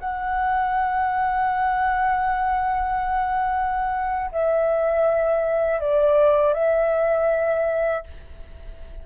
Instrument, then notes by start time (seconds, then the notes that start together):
flute
0.00 F#5
4.32 E5
5.80 D5
6.54 E5